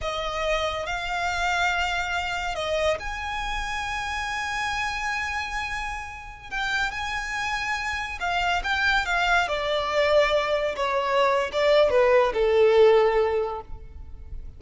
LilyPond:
\new Staff \with { instrumentName = "violin" } { \time 4/4 \tempo 4 = 141 dis''2 f''2~ | f''2 dis''4 gis''4~ | gis''1~ | gis''2.~ gis''16 g''8.~ |
g''16 gis''2. f''8.~ | f''16 g''4 f''4 d''4.~ d''16~ | d''4~ d''16 cis''4.~ cis''16 d''4 | b'4 a'2. | }